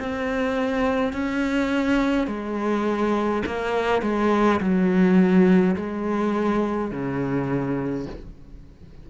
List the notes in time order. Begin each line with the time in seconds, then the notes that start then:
0.00 C4
1.13 C#4
2.28 G#3
3.46 A#3
4.03 G#3
4.61 F#3
5.76 G#3
6.92 C#3